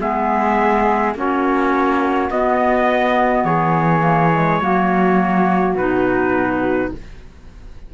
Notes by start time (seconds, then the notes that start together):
0.00 G#3 B3 G#4 E5
1.15 A#3 C#4 F#4 C#5
2.31 B3 D#5
3.44 E3 G#4 C#5
4.00 A#3
4.33 G#3
4.62 F#3 A#3 F#4
5.75 B2 D#4 B4